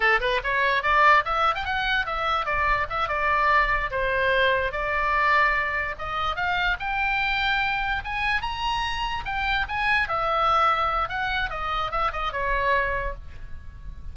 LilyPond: \new Staff \with { instrumentName = "oboe" } { \time 4/4 \tempo 4 = 146 a'8 b'8 cis''4 d''4 e''8. g''16 | fis''4 e''4 d''4 e''8 d''8~ | d''4. c''2 d''8~ | d''2~ d''8 dis''4 f''8~ |
f''8 g''2. gis''8~ | gis''8 ais''2 g''4 gis''8~ | gis''8 e''2~ e''8 fis''4 | dis''4 e''8 dis''8 cis''2 | }